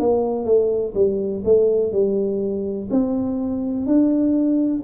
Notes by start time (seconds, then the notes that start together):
0.00 A#3
0.45 A3
0.95 G3
1.45 A3
1.93 G3
2.91 C4
3.86 D4